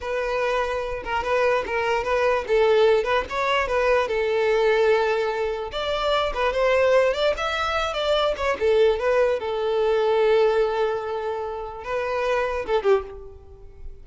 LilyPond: \new Staff \with { instrumentName = "violin" } { \time 4/4 \tempo 4 = 147 b'2~ b'8 ais'8 b'4 | ais'4 b'4 a'4. b'8 | cis''4 b'4 a'2~ | a'2 d''4. b'8 |
c''4. d''8 e''4. d''8~ | d''8 cis''8 a'4 b'4 a'4~ | a'1~ | a'4 b'2 a'8 g'8 | }